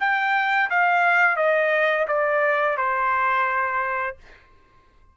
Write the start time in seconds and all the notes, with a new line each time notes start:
0.00 G5
0.70 F5
1.37 D#5
2.08 D5
2.77 C5